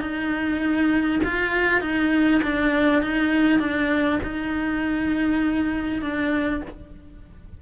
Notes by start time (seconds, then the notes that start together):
0.00 D#4
1.23 F4
1.81 D#4
2.42 D4
3.02 D#4
3.59 D4
4.23 D#4
6.02 D4